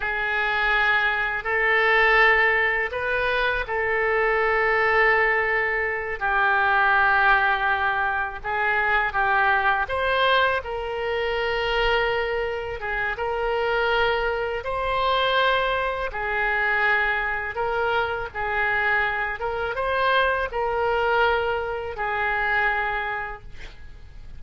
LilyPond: \new Staff \with { instrumentName = "oboe" } { \time 4/4 \tempo 4 = 82 gis'2 a'2 | b'4 a'2.~ | a'8 g'2. gis'8~ | gis'8 g'4 c''4 ais'4.~ |
ais'4. gis'8 ais'2 | c''2 gis'2 | ais'4 gis'4. ais'8 c''4 | ais'2 gis'2 | }